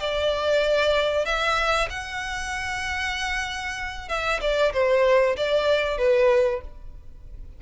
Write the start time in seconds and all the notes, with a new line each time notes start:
0.00 D5
1.25 E5
1.90 F#5
4.09 E5
4.41 D5
4.73 C5
5.37 D5
5.98 B4